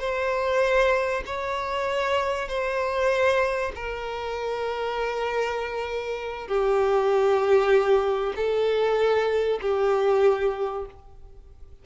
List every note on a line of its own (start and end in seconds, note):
0.00 1.24 C5
1.27 2.49 C#5
2.49 3.72 C5
3.75 6.48 A#4
6.48 8.33 G4
8.36 9.60 A4
9.62 10.86 G4